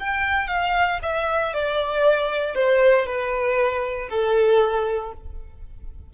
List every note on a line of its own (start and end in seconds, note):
0.00 0.48 G5
0.48 1.00 F5
1.03 1.54 E5
1.54 2.55 D5
2.55 3.07 C5
3.07 4.09 B4
4.10 5.13 A4